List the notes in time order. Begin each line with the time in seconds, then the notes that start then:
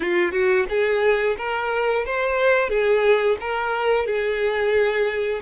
0.00 F4
0.31 F#4
0.69 G#4
1.37 A#4
2.05 C5
2.69 G#4
3.40 A#4
4.05 G#4